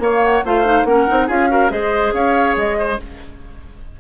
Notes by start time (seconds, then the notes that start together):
0.00 A#3 C#5 F5
0.24 F#5
0.45 A3 F4 C5 F5
0.65 D#4
0.85 A#3 C#4 A#4 F#5
1.08 C4 D#4
1.27 C#4 F4 G#4 F5
1.49 F#4 A#4
1.70 G#3 G#4 C5 D#5
2.14 C#4 C#5 F5
2.56 G#3 D#5
2.79 C5